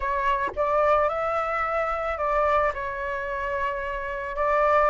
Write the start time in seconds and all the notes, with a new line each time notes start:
0.00 C#5
0.56 D5
1.08 E5
2.17 D5
2.74 C#5
4.36 D5